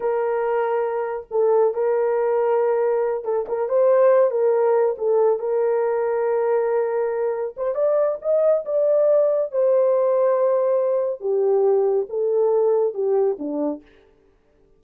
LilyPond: \new Staff \with { instrumentName = "horn" } { \time 4/4 \tempo 4 = 139 ais'2. a'4 | ais'2.~ ais'8 a'8 | ais'8 c''4. ais'4. a'8~ | a'8 ais'2.~ ais'8~ |
ais'4. c''8 d''4 dis''4 | d''2 c''2~ | c''2 g'2 | a'2 g'4 d'4 | }